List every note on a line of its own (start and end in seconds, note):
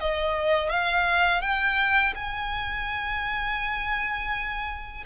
0.00 0.70 D#5
0.70 1.41 F5
1.41 2.13 G5
2.15 5.04 G#5